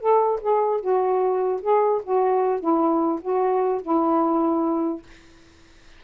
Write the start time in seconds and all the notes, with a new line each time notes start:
0.00 A4
0.41 G#4
0.81 F#4
1.61 G#4
2.03 F#4
2.60 E4
3.21 F#4
3.82 E4